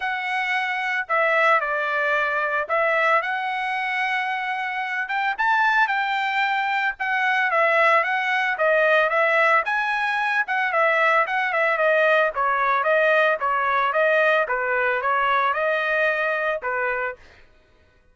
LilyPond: \new Staff \with { instrumentName = "trumpet" } { \time 4/4 \tempo 4 = 112 fis''2 e''4 d''4~ | d''4 e''4 fis''2~ | fis''4. g''8 a''4 g''4~ | g''4 fis''4 e''4 fis''4 |
dis''4 e''4 gis''4. fis''8 | e''4 fis''8 e''8 dis''4 cis''4 | dis''4 cis''4 dis''4 b'4 | cis''4 dis''2 b'4 | }